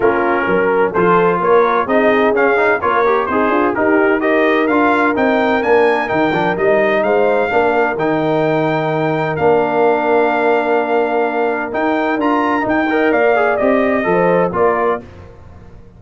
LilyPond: <<
  \new Staff \with { instrumentName = "trumpet" } { \time 4/4 \tempo 4 = 128 ais'2 c''4 cis''4 | dis''4 f''4 cis''4 c''4 | ais'4 dis''4 f''4 g''4 | gis''4 g''4 dis''4 f''4~ |
f''4 g''2. | f''1~ | f''4 g''4 ais''4 g''4 | f''4 dis''2 d''4 | }
  \new Staff \with { instrumentName = "horn" } { \time 4/4 f'4 ais'4 a'4 ais'4 | gis'2 ais'4 dis'8 f'8 | g'4 ais'2.~ | ais'2. c''4 |
ais'1~ | ais'1~ | ais'2.~ ais'8 dis''8 | d''2 c''4 ais'4 | }
  \new Staff \with { instrumentName = "trombone" } { \time 4/4 cis'2 f'2 | dis'4 cis'8 dis'8 f'8 g'8 gis'4 | dis'4 g'4 f'4 dis'4 | d'4 dis'8 d'8 dis'2 |
d'4 dis'2. | d'1~ | d'4 dis'4 f'4 dis'8 ais'8~ | ais'8 gis'8 g'4 a'4 f'4 | }
  \new Staff \with { instrumentName = "tuba" } { \time 4/4 ais4 fis4 f4 ais4 | c'4 cis'4 ais4 c'8 d'8 | dis'2 d'4 c'4 | ais4 dis8 f8 g4 gis4 |
ais4 dis2. | ais1~ | ais4 dis'4 d'4 dis'4 | ais4 c'4 f4 ais4 | }
>>